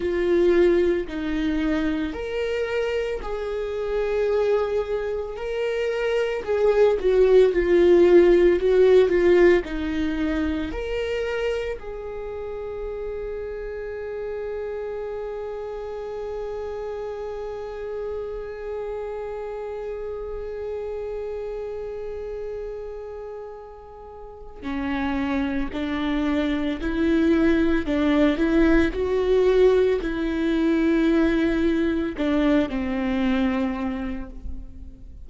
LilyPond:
\new Staff \with { instrumentName = "viola" } { \time 4/4 \tempo 4 = 56 f'4 dis'4 ais'4 gis'4~ | gis'4 ais'4 gis'8 fis'8 f'4 | fis'8 f'8 dis'4 ais'4 gis'4~ | gis'1~ |
gis'1~ | gis'2. cis'4 | d'4 e'4 d'8 e'8 fis'4 | e'2 d'8 c'4. | }